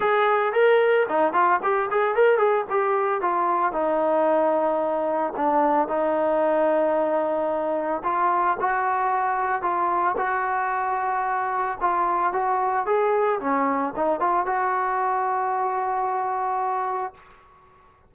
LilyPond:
\new Staff \with { instrumentName = "trombone" } { \time 4/4 \tempo 4 = 112 gis'4 ais'4 dis'8 f'8 g'8 gis'8 | ais'8 gis'8 g'4 f'4 dis'4~ | dis'2 d'4 dis'4~ | dis'2. f'4 |
fis'2 f'4 fis'4~ | fis'2 f'4 fis'4 | gis'4 cis'4 dis'8 f'8 fis'4~ | fis'1 | }